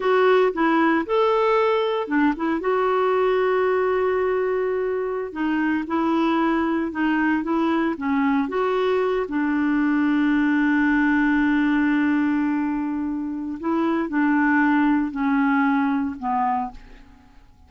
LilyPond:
\new Staff \with { instrumentName = "clarinet" } { \time 4/4 \tempo 4 = 115 fis'4 e'4 a'2 | d'8 e'8 fis'2.~ | fis'2~ fis'16 dis'4 e'8.~ | e'4~ e'16 dis'4 e'4 cis'8.~ |
cis'16 fis'4. d'2~ d'16~ | d'1~ | d'2 e'4 d'4~ | d'4 cis'2 b4 | }